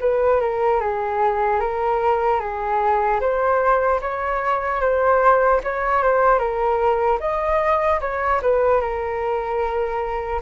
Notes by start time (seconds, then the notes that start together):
0.00 B4
0.40 A#4
0.80 G#4
1.60 A#4
2.40 G#4
3.20 C5
4.01 C#5
4.80 C5
5.63 C#5
6.02 C5
6.39 A#4
7.20 D#5
8.00 C#5
8.41 B4
8.80 A#4